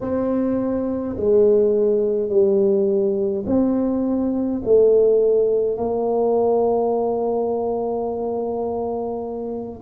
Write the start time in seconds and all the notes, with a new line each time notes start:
0.01 C4
1.16 G#3
2.29 G3
3.46 C4
4.64 A3
5.77 A#3